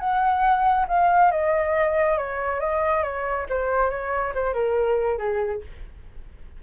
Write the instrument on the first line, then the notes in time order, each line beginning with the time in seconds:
flute
0.00 F#5
0.88 F5
1.31 D#5
2.18 C#5
2.60 D#5
3.04 C#5
3.49 C5
3.90 C#5
4.35 C5
4.54 A#4
5.18 G#4